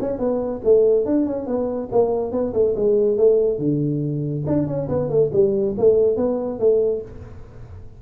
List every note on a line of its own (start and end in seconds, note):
0.00 0.18 C#4
0.18 0.61 B3
0.64 1.05 A3
1.05 1.26 D4
1.26 1.46 C#4
1.46 1.89 B3
1.91 2.32 A#3
2.32 2.53 B3
2.53 2.74 A3
2.76 3.17 G#3
3.17 3.59 A3
3.59 4.44 D3
4.46 4.67 D4
4.67 4.88 C#4
4.89 5.09 B3
5.09 5.31 A3
5.32 5.75 G3
5.78 6.17 A3
6.17 6.59 B3
6.59 7.02 A3